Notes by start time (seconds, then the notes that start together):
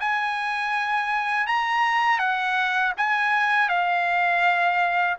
0.00 G#5
1.47 A#5
2.19 F#5
2.97 G#5
3.69 F5